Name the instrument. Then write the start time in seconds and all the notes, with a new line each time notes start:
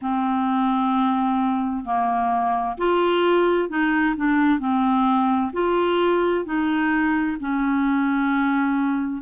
clarinet
0.01 C4
1.84 A#3
2.77 F4
3.69 D#4
4.16 D4
4.59 C4
5.53 F4
6.44 D#4
7.40 C#4